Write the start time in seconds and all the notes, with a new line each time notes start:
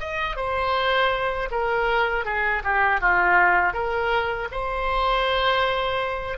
0.00 D#5
0.36 C5
1.51 A#4
2.25 G#4
2.64 G4
3.01 F4
3.74 A#4
4.52 C5